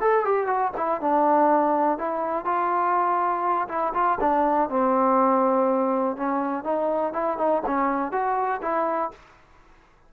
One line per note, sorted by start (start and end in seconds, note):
0.00 0.24 A4
0.24 0.46 G4
0.46 0.71 F#4
0.76 1.01 E4
1.01 1.98 D4
1.98 2.44 E4
2.44 3.67 F4
3.68 3.93 E4
3.93 4.18 F4
4.20 4.69 D4
4.69 6.16 C4
6.16 6.63 C#4
6.63 7.13 D#4
7.13 7.37 E4
7.37 7.62 D#4
7.66 8.11 C#4
8.11 8.61 F#4
8.61 9.11 E4